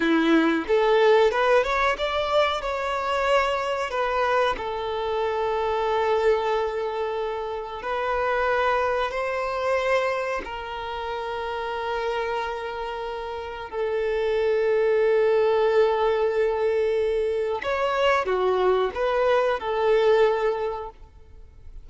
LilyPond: \new Staff \with { instrumentName = "violin" } { \time 4/4 \tempo 4 = 92 e'4 a'4 b'8 cis''8 d''4 | cis''2 b'4 a'4~ | a'1 | b'2 c''2 |
ais'1~ | ais'4 a'2.~ | a'2. cis''4 | fis'4 b'4 a'2 | }